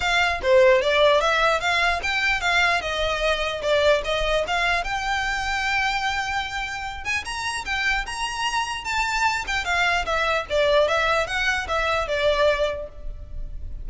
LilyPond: \new Staff \with { instrumentName = "violin" } { \time 4/4 \tempo 4 = 149 f''4 c''4 d''4 e''4 | f''4 g''4 f''4 dis''4~ | dis''4 d''4 dis''4 f''4 | g''1~ |
g''4. gis''8 ais''4 g''4 | ais''2 a''4. g''8 | f''4 e''4 d''4 e''4 | fis''4 e''4 d''2 | }